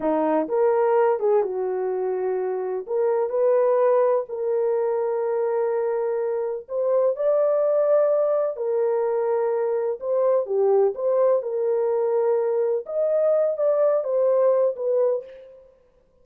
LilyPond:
\new Staff \with { instrumentName = "horn" } { \time 4/4 \tempo 4 = 126 dis'4 ais'4. gis'8 fis'4~ | fis'2 ais'4 b'4~ | b'4 ais'2.~ | ais'2 c''4 d''4~ |
d''2 ais'2~ | ais'4 c''4 g'4 c''4 | ais'2. dis''4~ | dis''8 d''4 c''4. b'4 | }